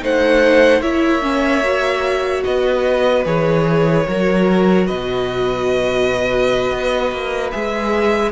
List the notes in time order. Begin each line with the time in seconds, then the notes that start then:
0.00 A3 D#4 C5 F#5
0.81 A#3 E4 C#5 E5
1.22 C#4
1.64 F#4
2.44 B3 B4 D#5
3.25 E3 G#4 C#5
4.07 F#3 F#4 A#4
4.87 B2 B4 D#5
6.71 B3
7.12 A#3
7.51 G#3 G#4 E5